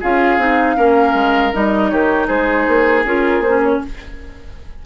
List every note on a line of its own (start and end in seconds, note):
0.00 0.37 C#4
0.00 0.39 F4
0.00 0.76 G#4
0.00 1.54 F5
0.37 0.75 C4
0.37 0.76 D#4
0.76 1.13 A#3
0.76 1.52 C#4
0.76 1.91 A#4
1.13 1.51 G#3
1.53 1.91 G3
1.53 3.05 D#4
1.53 1.89 D#5
1.89 2.28 D#3
1.89 2.27 G4
1.89 2.27 C#5
2.27 2.66 G#3
2.27 3.79 G#4
2.27 3.04 C5
2.67 3.04 A#3
3.04 3.39 C#4
3.04 3.43 F4
3.04 3.42 A#4
3.39 3.77 A#3
3.39 3.61 C5
3.47 3.85 C#4
3.62 3.81 C#5